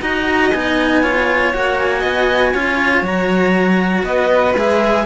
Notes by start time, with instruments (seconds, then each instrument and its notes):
0.00 cello D#4 F#4, violin D#5, clarinet A#5
0.51 cello B3 D#4, clarinet G#5
1.01 cello F4, violin C#5
1.53 cello A#3 F#4, clarinet F#5
1.78 clarinet G#5
1.99 cello B3, violin D#5
2.53 cello C#4 F4, violin C#5
3.01 cello F#3 F#4, clarinet A#5
4.03 cello B3, violin B4, clarinet D#5
4.53 cello G#3 G#4, clarinet E5